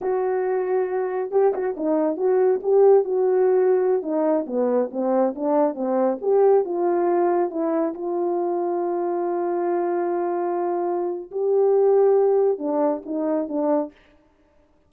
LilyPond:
\new Staff \with { instrumentName = "horn" } { \time 4/4 \tempo 4 = 138 fis'2. g'8 fis'8 | dis'4 fis'4 g'4 fis'4~ | fis'4~ fis'16 dis'4 b4 c'8.~ | c'16 d'4 c'4 g'4 f'8.~ |
f'4~ f'16 e'4 f'4.~ f'16~ | f'1~ | f'2 g'2~ | g'4 d'4 dis'4 d'4 | }